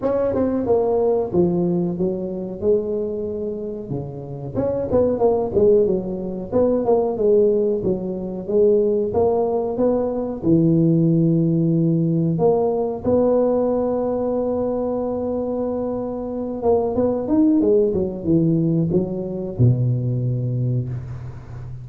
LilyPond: \new Staff \with { instrumentName = "tuba" } { \time 4/4 \tempo 4 = 92 cis'8 c'8 ais4 f4 fis4 | gis2 cis4 cis'8 b8 | ais8 gis8 fis4 b8 ais8 gis4 | fis4 gis4 ais4 b4 |
e2. ais4 | b1~ | b4. ais8 b8 dis'8 gis8 fis8 | e4 fis4 b,2 | }